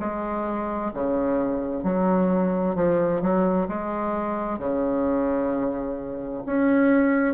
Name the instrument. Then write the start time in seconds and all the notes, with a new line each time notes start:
bassoon
0.00 G#3
0.94 C#3
1.84 F#3
2.76 F3
3.22 F#3
3.69 G#3
4.59 C#3
6.46 C#4